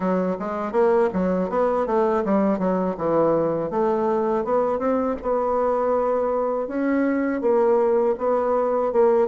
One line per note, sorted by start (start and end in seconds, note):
0.00 0.37 F#3
0.39 0.72 G#3
0.72 1.09 A#3
1.13 1.49 F#3
1.49 1.86 B3
1.86 2.23 A3
2.25 2.58 G3
2.58 2.95 F#3
2.97 3.70 E3
3.70 4.44 A3
4.44 4.78 B3
4.78 5.15 C4
5.22 6.67 B3
6.67 7.41 C#4
7.41 8.15 A#3
8.18 8.92 B3
8.92 9.27 A#3